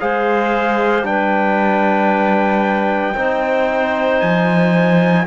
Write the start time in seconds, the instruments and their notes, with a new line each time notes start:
0.00 cello G#3, trombone G#4, clarinet C5, trumpet F5
1.03 cello G3, trombone D4, clarinet B4, trumpet G5
3.15 cello C4, trombone D#4, clarinet C5
4.21 cello F3, trumpet G#5